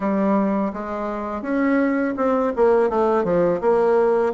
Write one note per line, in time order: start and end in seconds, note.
0.00 0.72 G3
0.73 1.42 G#3
1.42 2.14 C#4
2.17 2.53 C4
2.56 2.89 A#3
2.89 3.24 A3
3.24 3.60 F3
3.60 4.32 A#3